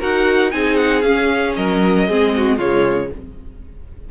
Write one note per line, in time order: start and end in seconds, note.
0.00 0.53 D#4
0.00 0.51 F#4
0.00 0.52 A#4
0.00 0.51 F#5
0.51 1.04 C4
0.51 1.02 D#4
0.51 1.57 G#4
0.51 0.77 G#5
0.77 1.02 F#5
1.02 1.56 C#4
1.02 2.09 C#4
1.02 1.53 F5
1.56 2.09 F#3
1.56 2.09 A#4
1.56 2.59 D#5
2.09 2.59 G#3
2.09 2.60 C4
2.09 2.34 G#4
2.37 2.58 F#4
2.58 3.11 C#3
2.58 3.11 G#3
2.58 3.10 F4
2.58 3.12 C#5